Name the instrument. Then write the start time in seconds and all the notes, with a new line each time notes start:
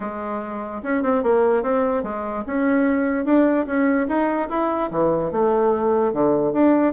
bassoon
0.00 G#3
0.82 C#4
1.03 C4
1.23 A#3
1.62 C4
2.03 G#3
2.46 C#4
3.25 D4
3.66 C#4
4.08 D#4
4.49 E4
4.91 E3
5.31 A3
6.12 D3
6.52 D4